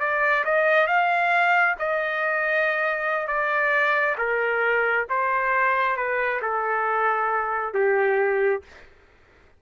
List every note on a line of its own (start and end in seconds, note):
0.00 0.44 D5
0.45 0.87 D#5
0.87 1.75 F5
1.79 3.28 D#5
3.28 4.16 D5
4.18 5.06 A#4
5.10 5.97 C5
5.97 6.41 B4
6.42 7.74 A4
7.74 8.62 G4